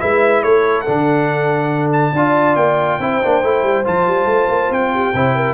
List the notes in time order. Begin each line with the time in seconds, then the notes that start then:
0.00 G#3 E4 B4 E5
0.42 A3 A4 C#5
0.81 D4 F#5
0.88 D3
1.93 A5
2.13 D4 F4 D5
2.56 A#3 G5
2.99 C4 E4 C5
3.23 A#3 D4
3.43 A3 E4
3.63 G3
3.85 F3 F4 A5
4.07 G3
4.25 A3
4.48 A#3
4.70 C4 G5
4.94 G4
5.13 C3 E4 C5
5.35 A#4